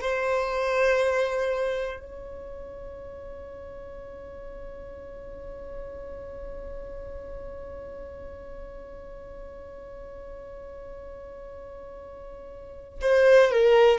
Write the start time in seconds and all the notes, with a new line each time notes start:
0.00 C5
2.00 C#5
13.00 C5
13.50 A#4